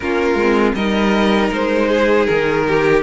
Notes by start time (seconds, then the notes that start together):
0.00 A#3 C#4 F4 A#4
0.34 G#3
0.41 C4
0.74 G3 D#4 A#4 D#5
1.51 G#3 C5
1.88 G#4
2.25 D#3 A#4
2.67 G4